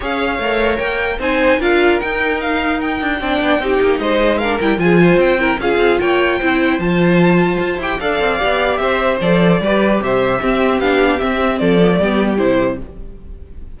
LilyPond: <<
  \new Staff \with { instrumentName = "violin" } { \time 4/4 \tempo 4 = 150 f''2 g''4 gis''4 | f''4 g''4 f''4 g''4~ | g''2 dis''4 f''8 g''8 | gis''4 g''4 f''4 g''4~ |
g''4 a''2~ a''8 g''8 | f''2 e''4 d''4~ | d''4 e''2 f''4 | e''4 d''2 c''4 | }
  \new Staff \with { instrumentName = "violin" } { \time 4/4 cis''2. c''4 | ais'1 | d''4 g'4 c''4 ais'4 | gis'8 c''4 ais'8 gis'4 cis''4 |
c''1 | d''2 c''2 | b'4 c''4 g'2~ | g'4 a'4 g'2 | }
  \new Staff \with { instrumentName = "viola" } { \time 4/4 gis'4 ais'2 dis'4 | f'4 dis'2. | d'4 dis'2 d'8 e'8 | f'4. e'8 f'2 |
e'4 f'2~ f'8 g'8 | a'4 g'2 a'4 | g'2 c'4 d'4 | c'4. b16 a16 b4 e'4 | }
  \new Staff \with { instrumentName = "cello" } { \time 4/4 cis'4 a4 ais4 c'4 | d'4 dis'2~ dis'8 d'8 | c'8 b8 c'8 ais8 gis4. g8 | f4 c'4 cis'8 c'8 ais4 |
c'4 f2 f'8 e'8 | d'8 c'8 b4 c'4 f4 | g4 c4 c'4 b4 | c'4 f4 g4 c4 | }
>>